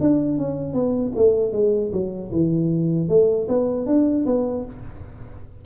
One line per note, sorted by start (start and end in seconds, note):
0.00 0.38 D4
0.38 0.73 C#4
0.73 1.12 B3
1.15 1.52 A3
1.52 1.91 G#3
1.92 2.31 F#3
2.31 3.08 E3
3.08 3.47 A3
3.48 3.86 B3
3.86 4.25 D4
4.26 4.65 B3